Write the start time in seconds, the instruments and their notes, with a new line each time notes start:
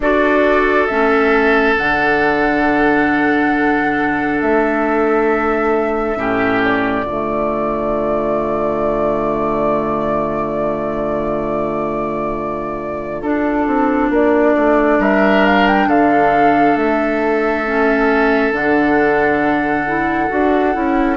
0.00 bassoon D4, clarinet F#4, oboe A4, flute D5
0.86 bassoon A3, clarinet C#4, flute E5
1.77 bassoon D3, clarinet D4, flute F#5
4.41 bassoon A3, flute E5
6.15 bassoon A2, clarinet C#4, oboe G4
6.63 flute D5
7.05 bassoon D3, clarinet A3, oboe F4
13.22 bassoon D4, clarinet D4, flute A4
13.66 bassoon C4
14.10 bassoon A#3, flute D5
14.56 bassoon A3
14.98 bassoon G3, oboe A#4, flute E5
15.45 flute F5
15.67 flute G5
15.86 bassoon D3, oboe A4, flute F5
16.76 bassoon A3, flute E5
17.65 clarinet C#4
18.52 bassoon D3, clarinet D4, flute F#5
19.87 clarinet E4
20.28 bassoon D4, clarinet F#4
20.73 bassoon C#4, clarinet E4